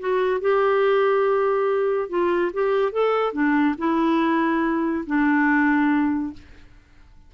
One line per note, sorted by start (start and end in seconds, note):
0.00 0.41 F#4
0.41 2.10 G4
2.10 2.52 F4
2.54 2.93 G4
2.93 3.33 A4
3.33 3.75 D4
3.78 5.05 E4
5.07 6.33 D4